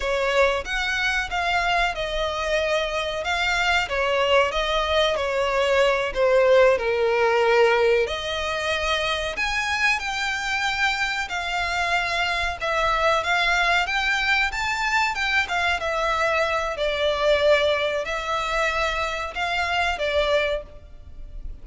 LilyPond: \new Staff \with { instrumentName = "violin" } { \time 4/4 \tempo 4 = 93 cis''4 fis''4 f''4 dis''4~ | dis''4 f''4 cis''4 dis''4 | cis''4. c''4 ais'4.~ | ais'8 dis''2 gis''4 g''8~ |
g''4. f''2 e''8~ | e''8 f''4 g''4 a''4 g''8 | f''8 e''4. d''2 | e''2 f''4 d''4 | }